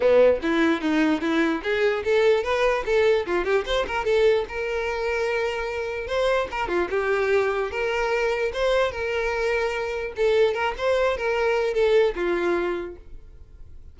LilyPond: \new Staff \with { instrumentName = "violin" } { \time 4/4 \tempo 4 = 148 b4 e'4 dis'4 e'4 | gis'4 a'4 b'4 a'4 | f'8 g'8 c''8 ais'8 a'4 ais'4~ | ais'2. c''4 |
ais'8 f'8 g'2 ais'4~ | ais'4 c''4 ais'2~ | ais'4 a'4 ais'8 c''4 ais'8~ | ais'4 a'4 f'2 | }